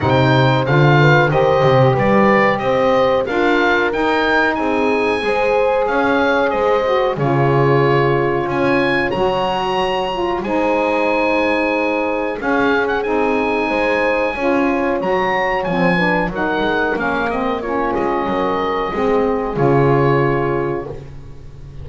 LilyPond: <<
  \new Staff \with { instrumentName = "oboe" } { \time 4/4 \tempo 4 = 92 g''4 f''4 dis''4 d''4 | dis''4 f''4 g''4 gis''4~ | gis''4 f''4 dis''4 cis''4~ | cis''4 gis''4 ais''2 |
gis''2. f''8. fis''16 | gis''2. ais''4 | gis''4 fis''4 f''8 dis''8 cis''8 dis''8~ | dis''2 cis''2 | }
  \new Staff \with { instrumentName = "horn" } { \time 4/4 c''4. b'8 c''4 b'4 | c''4 ais'2 gis'4 | c''4 cis''4 c''4 gis'4~ | gis'4 cis''2. |
c''2. gis'4~ | gis'4 c''4 cis''2~ | cis''8 b'8 ais'2 f'4 | ais'4 gis'2. | }
  \new Staff \with { instrumentName = "saxophone" } { \time 4/4 dis'4 f'4 g'2~ | g'4 f'4 dis'2 | gis'2~ gis'8 fis'8 f'4~ | f'2 fis'4. f'8 |
dis'2. cis'4 | dis'2 f'4 fis'4 | c'8 d'8 dis'4 cis'8 c'8 cis'4~ | cis'4 c'4 f'2 | }
  \new Staff \with { instrumentName = "double bass" } { \time 4/4 c4 d4 dis8 c8 g4 | c'4 d'4 dis'4 c'4 | gis4 cis'4 gis4 cis4~ | cis4 cis'4 fis2 |
gis2. cis'4 | c'4 gis4 cis'4 fis4 | f4 fis8 gis8 ais4. gis8 | fis4 gis4 cis2 | }
>>